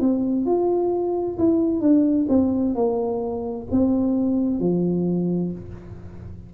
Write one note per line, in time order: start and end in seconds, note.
0.00 0.45 C4
0.45 1.38 F4
1.38 1.80 E4
1.80 2.27 D4
2.29 2.75 C4
2.75 3.67 A#3
3.71 4.60 C4
4.60 5.52 F3